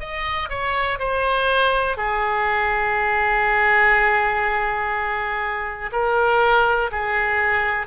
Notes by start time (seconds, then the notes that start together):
0.00 D#5
0.50 C#5
0.99 C5
1.97 G#4
5.92 A#4
6.91 G#4